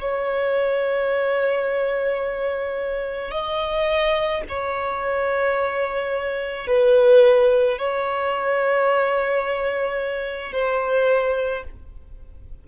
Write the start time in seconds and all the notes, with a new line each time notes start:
0.00 C#5
3.31 D#5
4.48 C#5
6.67 B4
7.78 C#5
10.52 C5